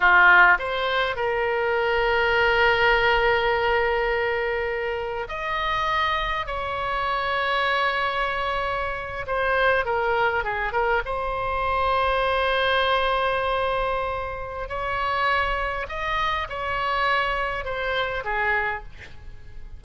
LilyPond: \new Staff \with { instrumentName = "oboe" } { \time 4/4 \tempo 4 = 102 f'4 c''4 ais'2~ | ais'1~ | ais'4 dis''2 cis''4~ | cis''2.~ cis''8. c''16~ |
c''8. ais'4 gis'8 ais'8 c''4~ c''16~ | c''1~ | c''4 cis''2 dis''4 | cis''2 c''4 gis'4 | }